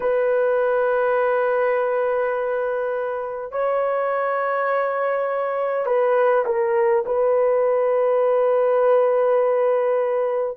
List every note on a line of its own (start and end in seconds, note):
0.00 3.51 B4
3.51 5.86 C#5
5.86 6.44 B4
6.45 7.04 A#4
7.05 10.57 B4